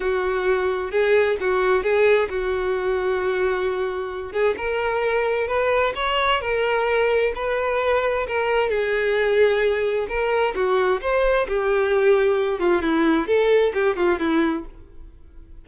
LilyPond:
\new Staff \with { instrumentName = "violin" } { \time 4/4 \tempo 4 = 131 fis'2 gis'4 fis'4 | gis'4 fis'2.~ | fis'4. gis'8 ais'2 | b'4 cis''4 ais'2 |
b'2 ais'4 gis'4~ | gis'2 ais'4 fis'4 | c''4 g'2~ g'8 f'8 | e'4 a'4 g'8 f'8 e'4 | }